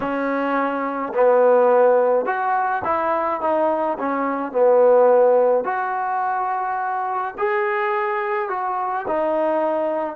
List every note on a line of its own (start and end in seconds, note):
0.00 1.13 C#4
1.14 2.25 B3
2.25 2.82 F#4
2.84 3.41 E4
3.41 3.97 D#4
3.98 4.52 C#4
4.52 5.64 B3
5.64 7.34 F#4
7.37 8.49 G#4
8.49 9.06 F#4
9.07 10.15 D#4